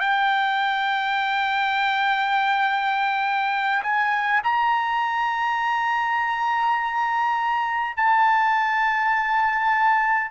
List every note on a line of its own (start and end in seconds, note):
0.00 3.82 G5
3.83 4.42 G#5
4.43 7.96 A#5
7.96 10.31 A5